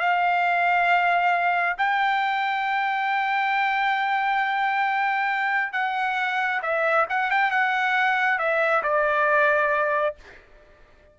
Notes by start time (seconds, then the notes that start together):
0.00 F5
1.78 G5
5.73 F#5
6.62 E5
7.09 F#5
7.31 G5
7.51 F#5
8.39 E5
8.83 D5